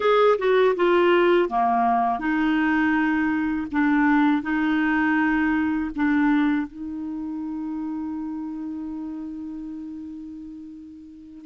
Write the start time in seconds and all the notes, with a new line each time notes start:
0.00 G#4
0.38 F#4
0.76 F4
1.48 A#3
2.19 D#4
3.71 D4
4.42 D#4
5.95 D4
6.67 D#4